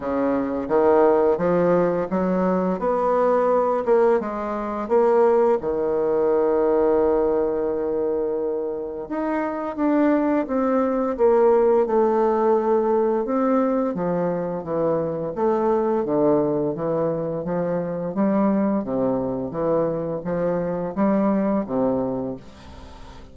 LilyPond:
\new Staff \with { instrumentName = "bassoon" } { \time 4/4 \tempo 4 = 86 cis4 dis4 f4 fis4 | b4. ais8 gis4 ais4 | dis1~ | dis4 dis'4 d'4 c'4 |
ais4 a2 c'4 | f4 e4 a4 d4 | e4 f4 g4 c4 | e4 f4 g4 c4 | }